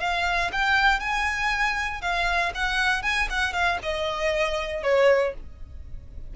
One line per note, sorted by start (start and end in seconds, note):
0.00 0.51 F5
0.52 1.00 G5
1.00 2.01 G#5
2.01 2.52 F5
2.55 3.03 F#5
3.03 3.28 G#5
3.30 3.53 F#5
3.53 3.78 F5
3.83 4.83 D#5
4.83 5.34 C#5